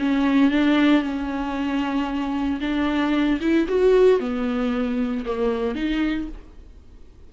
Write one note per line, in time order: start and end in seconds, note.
0.00 0.51 C#4
0.51 1.03 D4
1.03 2.61 C#4
2.61 3.40 D4
3.41 3.68 E4
3.69 4.20 F#4
4.20 5.25 B3
5.26 5.76 A#3
5.76 6.28 D#4